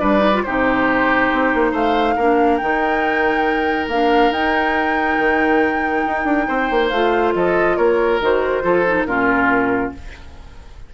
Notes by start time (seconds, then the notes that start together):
0.00 G3 D4 B4 D5
0.19 D#4
0.33 F4
0.43 C3 D#4 G4 C5
1.32 C4
1.54 A#3
1.71 A3 C5 F5
2.16 A#3 D4 A#4
2.57 D#3 D#4 G5
3.87 A#3 D4 F5
4.31 D#4 G5
5.18 D#3
6.07 D#4
6.24 D4
6.48 C4 C5
6.71 A#3
6.89 A3 F4 F5
7.35 F3 A4 D#5
7.77 A#3 A#4 C#5
8.21 D#3 F#4 C5
8.63 F3 F4 A4
8.87 D#4
9.06 A#2 C#4 F4 A#4